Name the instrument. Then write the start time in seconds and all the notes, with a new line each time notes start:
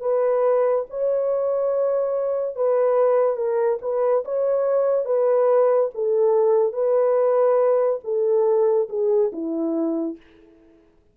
horn
0.00 B4
0.90 C#5
2.55 B4
3.36 A#4
3.81 B4
4.24 C#5
5.05 B4
5.94 A4
6.73 B4
8.04 A4
8.89 G#4
9.32 E4